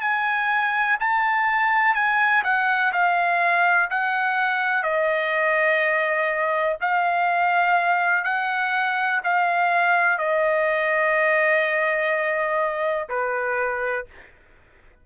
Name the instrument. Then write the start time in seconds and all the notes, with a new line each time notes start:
trumpet
0.00 G#5
0.99 A5
1.94 G#5
2.43 F#5
2.93 F5
3.90 F#5
4.83 D#5
6.80 F5
8.24 F#5
9.24 F5
10.18 D#5
13.09 B4